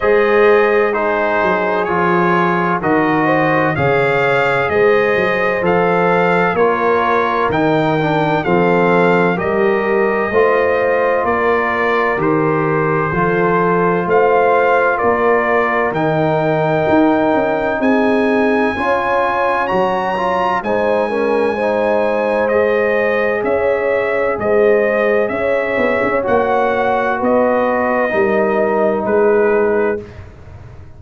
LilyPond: <<
  \new Staff \with { instrumentName = "trumpet" } { \time 4/4 \tempo 4 = 64 dis''4 c''4 cis''4 dis''4 | f''4 dis''4 f''4 cis''4 | g''4 f''4 dis''2 | d''4 c''2 f''4 |
d''4 g''2 gis''4~ | gis''4 ais''4 gis''2 | dis''4 e''4 dis''4 e''4 | fis''4 dis''2 b'4 | }
  \new Staff \with { instrumentName = "horn" } { \time 4/4 c''4 gis'2 ais'8 c''8 | cis''4 c''2 ais'4~ | ais'4 a'4 ais'4 c''4 | ais'2 a'4 c''4 |
ais'2. gis'4 | cis''2 c''8 ais'8 c''4~ | c''4 cis''4 c''4 cis''4~ | cis''4 b'4 ais'4 gis'4 | }
  \new Staff \with { instrumentName = "trombone" } { \time 4/4 gis'4 dis'4 f'4 fis'4 | gis'2 a'4 f'4 | dis'8 d'8 c'4 g'4 f'4~ | f'4 g'4 f'2~ |
f'4 dis'2. | f'4 fis'8 f'8 dis'8 cis'8 dis'4 | gis'1 | fis'2 dis'2 | }
  \new Staff \with { instrumentName = "tuba" } { \time 4/4 gis4. fis8 f4 dis4 | cis4 gis8 fis8 f4 ais4 | dis4 f4 g4 a4 | ais4 dis4 f4 a4 |
ais4 dis4 dis'8 cis'8 c'4 | cis'4 fis4 gis2~ | gis4 cis'4 gis4 cis'8 b16 cis'16 | ais4 b4 g4 gis4 | }
>>